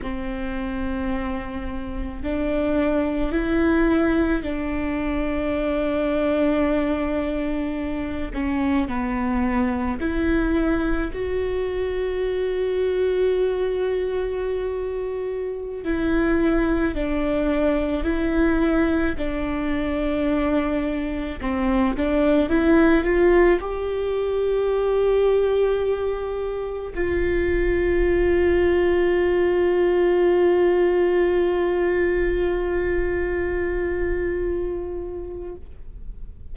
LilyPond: \new Staff \with { instrumentName = "viola" } { \time 4/4 \tempo 4 = 54 c'2 d'4 e'4 | d'2.~ d'8 cis'8 | b4 e'4 fis'2~ | fis'2~ fis'16 e'4 d'8.~ |
d'16 e'4 d'2 c'8 d'16~ | d'16 e'8 f'8 g'2~ g'8.~ | g'16 f'2.~ f'8.~ | f'1 | }